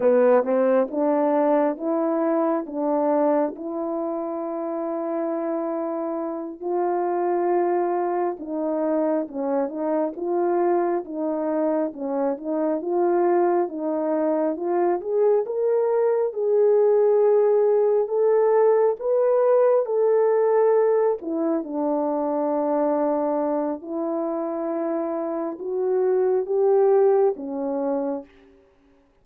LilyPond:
\new Staff \with { instrumentName = "horn" } { \time 4/4 \tempo 4 = 68 b8 c'8 d'4 e'4 d'4 | e'2.~ e'8 f'8~ | f'4. dis'4 cis'8 dis'8 f'8~ | f'8 dis'4 cis'8 dis'8 f'4 dis'8~ |
dis'8 f'8 gis'8 ais'4 gis'4.~ | gis'8 a'4 b'4 a'4. | e'8 d'2~ d'8 e'4~ | e'4 fis'4 g'4 cis'4 | }